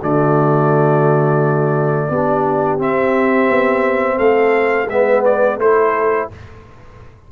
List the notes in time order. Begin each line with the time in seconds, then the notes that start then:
0.00 D3 A3 F#4 D5
2.10 B3 D4 G4
2.78 C4 E5
3.49 B3
4.16 A3 A4 F5
4.89 G#3 B3 B4 E5
5.25 D5
5.57 A3 E4 A4 C5